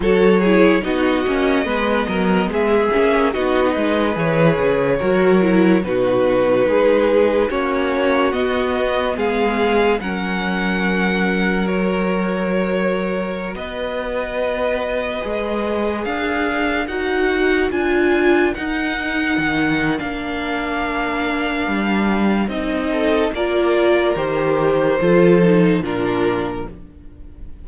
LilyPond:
<<
  \new Staff \with { instrumentName = "violin" } { \time 4/4 \tempo 4 = 72 cis''4 dis''2 e''4 | dis''4 cis''2 b'4~ | b'4 cis''4 dis''4 f''4 | fis''2 cis''2~ |
cis''16 dis''2. f''8.~ | f''16 fis''4 gis''4 fis''4.~ fis''16 | f''2. dis''4 | d''4 c''2 ais'4 | }
  \new Staff \with { instrumentName = "violin" } { \time 4/4 a'8 gis'8 fis'4 b'8 ais'8 gis'4 | fis'8 b'4. ais'4 fis'4 | gis'4 fis'2 gis'4 | ais'1~ |
ais'16 b'2. ais'8.~ | ais'1~ | ais'2.~ ais'8 a'8 | ais'2 a'4 f'4 | }
  \new Staff \with { instrumentName = "viola" } { \time 4/4 fis'8 e'8 dis'8 cis'8 b4. cis'8 | dis'4 gis'4 fis'8 e'8 dis'4~ | dis'4 cis'4 b2 | cis'2 fis'2~ |
fis'2~ fis'16 gis'4.~ gis'16~ | gis'16 fis'4 f'4 dis'4.~ dis'16 | d'2. dis'4 | f'4 g'4 f'8 dis'8 d'4 | }
  \new Staff \with { instrumentName = "cello" } { \time 4/4 fis4 b8 ais8 gis8 fis8 gis8 ais8 | b8 gis8 e8 cis8 fis4 b,4 | gis4 ais4 b4 gis4 | fis1~ |
fis16 b2 gis4 d'8.~ | d'16 dis'4 d'4 dis'4 dis8. | ais2 g4 c'4 | ais4 dis4 f4 ais,4 | }
>>